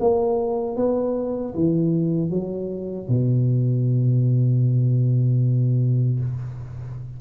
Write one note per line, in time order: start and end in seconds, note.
0.00 0.77 A#3
0.77 1.54 B3
1.55 2.31 E3
2.31 3.09 F#3
3.09 6.20 B2